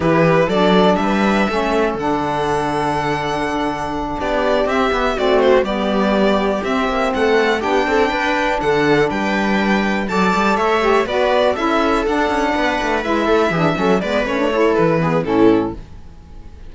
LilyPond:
<<
  \new Staff \with { instrumentName = "violin" } { \time 4/4 \tempo 4 = 122 b'4 d''4 e''2 | fis''1~ | fis''8 d''4 e''4 d''8 c''8 d''8~ | d''4. e''4 fis''4 g''8~ |
g''4. fis''4 g''4.~ | g''8 a''4 e''4 d''4 e''8~ | e''8 fis''2 e''4.~ | e''8 d''8 cis''4 b'4 a'4 | }
  \new Staff \with { instrumentName = "viola" } { \time 4/4 g'4 a'4 b'4 a'4~ | a'1~ | a'8 g'2 fis'4 g'8~ | g'2~ g'8 a'4 g'8 |
a'8 b'4 a'4 b'4.~ | b'8 d''4 cis''4 b'4 a'8~ | a'4. b'4. a'8 gis'8 | a'8 b'4 a'4 gis'8 e'4 | }
  \new Staff \with { instrumentName = "saxophone" } { \time 4/4 e'4 d'2 cis'4 | d'1~ | d'4. c'8 b8 c'4 b8~ | b4. c'2 d'8~ |
d'1~ | d'8 a'4. g'8 fis'4 e'8~ | e'8 d'2 e'4 d'8 | cis'8 b8 cis'16 d'16 e'4 b8 cis'4 | }
  \new Staff \with { instrumentName = "cello" } { \time 4/4 e4 fis4 g4 a4 | d1~ | d8 b4 c'8 b8 a4 g8~ | g4. c'8 ais8 a4 b8 |
c'8 d'4 d4 g4.~ | g8 fis8 g8 a4 b4 cis'8~ | cis'8 d'8 cis'8 b8 a8 gis8 a8 e8 | fis8 gis8 a4 e4 a,4 | }
>>